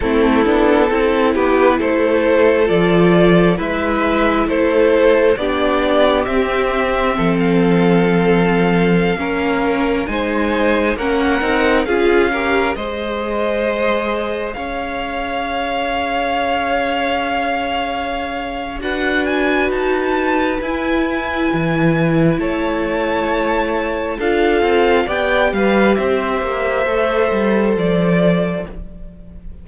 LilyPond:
<<
  \new Staff \with { instrumentName = "violin" } { \time 4/4 \tempo 4 = 67 a'4. b'8 c''4 d''4 | e''4 c''4 d''4 e''4~ | e''16 f''2. gis''8.~ | gis''16 fis''4 f''4 dis''4.~ dis''16~ |
dis''16 f''2.~ f''8.~ | f''4 fis''8 gis''8 a''4 gis''4~ | gis''4 a''2 f''4 | g''8 f''8 e''2 d''4 | }
  \new Staff \with { instrumentName = "violin" } { \time 4/4 e'4 a'8 g'8 a'2 | b'4 a'4 g'2 | a'2~ a'16 ais'4 c''8.~ | c''16 ais'4 gis'8 ais'8 c''4.~ c''16~ |
c''16 cis''2.~ cis''8.~ | cis''4 b'2.~ | b'4 cis''2 a'4 | d''8 b'8 c''2. | }
  \new Staff \with { instrumentName = "viola" } { \time 4/4 c'8 d'8 e'2 f'4 | e'2 d'4 c'4~ | c'2~ c'16 cis'4 dis'8.~ | dis'16 cis'8 dis'8 f'8 g'8 gis'4.~ gis'16~ |
gis'1~ | gis'4 fis'2 e'4~ | e'2. f'4 | g'2 a'2 | }
  \new Staff \with { instrumentName = "cello" } { \time 4/4 a8 b8 c'8 b8 a4 f4 | gis4 a4 b4 c'4 | f2~ f16 ais4 gis8.~ | gis16 ais8 c'8 cis'4 gis4.~ gis16~ |
gis16 cis'2.~ cis'8.~ | cis'4 d'4 dis'4 e'4 | e4 a2 d'8 c'8 | b8 g8 c'8 ais8 a8 g8 f4 | }
>>